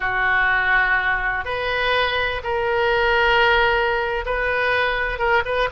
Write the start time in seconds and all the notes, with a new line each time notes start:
0.00 F#4
1.44 B4
2.43 A#4
4.25 B4
5.18 A#4
5.45 B4